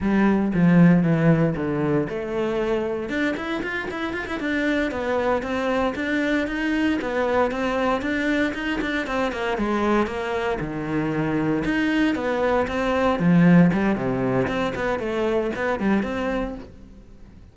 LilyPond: \new Staff \with { instrumentName = "cello" } { \time 4/4 \tempo 4 = 116 g4 f4 e4 d4 | a2 d'8 e'8 f'8 e'8 | f'16 e'16 d'4 b4 c'4 d'8~ | d'8 dis'4 b4 c'4 d'8~ |
d'8 dis'8 d'8 c'8 ais8 gis4 ais8~ | ais8 dis2 dis'4 b8~ | b8 c'4 f4 g8 c4 | c'8 b8 a4 b8 g8 c'4 | }